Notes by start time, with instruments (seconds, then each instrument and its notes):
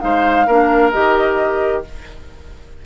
0.00 bassoon G#3, clarinet D#4, oboe C5, flute F5
0.47 bassoon A#3, clarinet D4, oboe A#4
0.92 bassoon D#3, clarinet G4, flute D#5